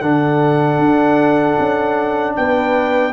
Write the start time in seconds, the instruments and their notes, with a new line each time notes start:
0.00 tuba D3, trombone D4, horn A4, trumpet F#5
0.79 tuba D4
1.60 tuba C#4
2.36 tuba B3, horn B4, trumpet G5